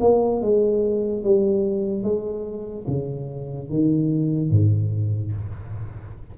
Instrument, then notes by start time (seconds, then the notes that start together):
tuba
0.00 A#3
0.41 G#3
1.23 G3
2.03 G#3
2.87 C#3
3.69 D#3
4.50 G#2